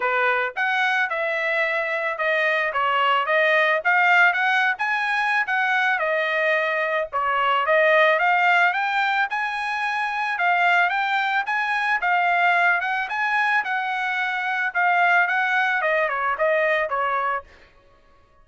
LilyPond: \new Staff \with { instrumentName = "trumpet" } { \time 4/4 \tempo 4 = 110 b'4 fis''4 e''2 | dis''4 cis''4 dis''4 f''4 | fis''8. gis''4~ gis''16 fis''4 dis''4~ | dis''4 cis''4 dis''4 f''4 |
g''4 gis''2 f''4 | g''4 gis''4 f''4. fis''8 | gis''4 fis''2 f''4 | fis''4 dis''8 cis''8 dis''4 cis''4 | }